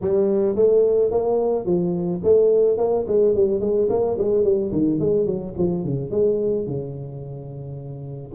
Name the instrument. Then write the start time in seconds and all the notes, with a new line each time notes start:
tuba
0.01 G3
0.55 A3
1.11 A#3
1.65 F3
2.23 A3
2.77 A#3
3.07 G#3
3.34 G3
3.60 G#3
3.89 A#3
4.18 G#3
4.43 G3
4.71 D#3
4.99 G#3
5.26 F#3
5.57 F3
5.84 C#3
6.11 G#3
6.66 C#3